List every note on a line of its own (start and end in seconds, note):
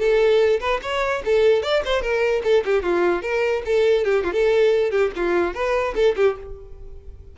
0.00 0.60 A4
0.61 0.81 B4
0.83 1.23 C#5
1.25 1.63 A4
1.63 1.83 D5
1.86 2.02 C5
2.02 2.43 A#4
2.44 2.64 A4
2.65 2.83 G4
2.83 3.23 F4
3.23 3.63 A#4
3.66 4.05 A4
4.05 4.24 G4
4.24 4.33 F4
4.33 4.91 A4
4.91 5.12 G4
5.16 5.54 F4
5.54 5.95 B4
5.96 6.16 A4
6.17 6.37 G4